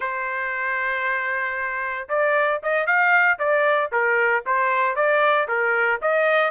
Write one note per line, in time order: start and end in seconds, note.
0.00 2.08 C5
2.08 2.60 D5
2.63 2.86 D#5
2.86 3.38 F5
3.38 3.90 D5
3.92 4.44 A#4
4.46 4.95 C5
4.95 5.47 D5
5.48 6.00 A#4
6.01 6.50 D#5